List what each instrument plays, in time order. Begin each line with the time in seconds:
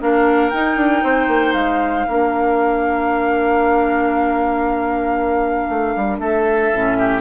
0.00 bassoon A#3, clarinet D4, oboe A#4, flute F5
0.50 bassoon D#4, clarinet D#4, flute G5
0.76 bassoon D4
1.03 bassoon C4, oboe C5
1.28 bassoon A#3
1.53 bassoon G#3, flute F5
2.07 bassoon A#3, clarinet D4, oboe A#4
5.69 bassoon A3
5.96 bassoon G3
6.19 bassoon A3, oboe A4, flute E5
6.73 bassoon A2, clarinet C#4
6.98 oboe G4